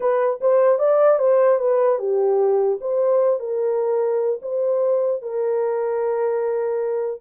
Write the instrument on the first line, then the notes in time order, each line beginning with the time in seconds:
horn
0.00 B4
0.40 C5
0.78 D5
1.18 C5
1.58 B4
1.99 G4
2.81 C5
3.39 A#4
4.42 C5
5.22 A#4